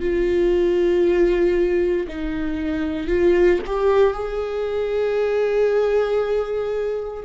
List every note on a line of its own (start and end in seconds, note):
0.00 2.07 F4
2.08 3.08 D#4
3.08 3.59 F4
3.66 4.13 G4
4.13 7.24 G#4